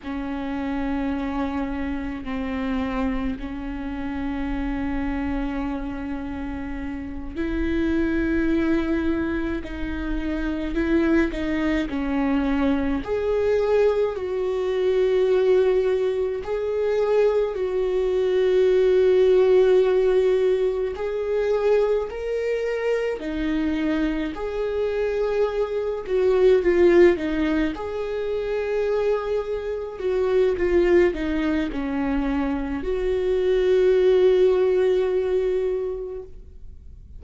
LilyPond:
\new Staff \with { instrumentName = "viola" } { \time 4/4 \tempo 4 = 53 cis'2 c'4 cis'4~ | cis'2~ cis'8 e'4.~ | e'8 dis'4 e'8 dis'8 cis'4 gis'8~ | gis'8 fis'2 gis'4 fis'8~ |
fis'2~ fis'8 gis'4 ais'8~ | ais'8 dis'4 gis'4. fis'8 f'8 | dis'8 gis'2 fis'8 f'8 dis'8 | cis'4 fis'2. | }